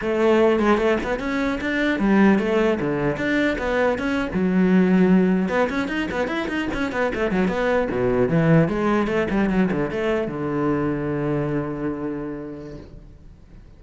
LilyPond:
\new Staff \with { instrumentName = "cello" } { \time 4/4 \tempo 4 = 150 a4. gis8 a8 b8 cis'4 | d'4 g4 a4 d4 | d'4 b4 cis'8. fis4~ fis16~ | fis4.~ fis16 b8 cis'8 dis'8 b8 e'16~ |
e'16 dis'8 cis'8 b8 a8 fis8 b4 b,16~ | b,8. e4 gis4 a8 g8 fis16~ | fis16 d8 a4 d2~ d16~ | d1 | }